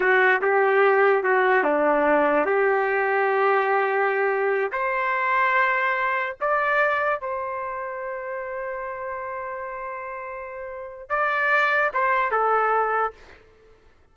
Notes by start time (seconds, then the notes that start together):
0.00 F#4
0.41 G4
1.23 F#4
1.63 D4
2.45 G4
4.71 C5
6.40 D5
7.20 C5
11.09 D5
11.93 C5
12.31 A4